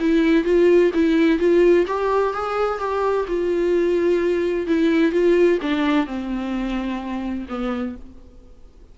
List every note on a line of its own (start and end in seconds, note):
0.00 0.45 E4
0.45 0.91 F4
0.94 1.39 E4
1.39 1.86 F4
1.87 2.34 G4
2.34 2.79 G#4
2.79 3.26 G4
3.28 4.67 F4
4.67 5.12 E4
5.12 5.59 F4
5.62 6.06 D4
6.06 7.47 C4
7.49 7.96 B3